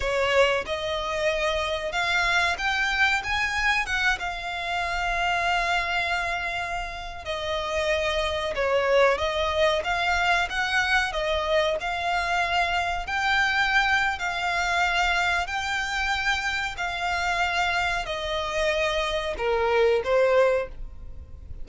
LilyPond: \new Staff \with { instrumentName = "violin" } { \time 4/4 \tempo 4 = 93 cis''4 dis''2 f''4 | g''4 gis''4 fis''8 f''4.~ | f''2.~ f''16 dis''8.~ | dis''4~ dis''16 cis''4 dis''4 f''8.~ |
f''16 fis''4 dis''4 f''4.~ f''16~ | f''16 g''4.~ g''16 f''2 | g''2 f''2 | dis''2 ais'4 c''4 | }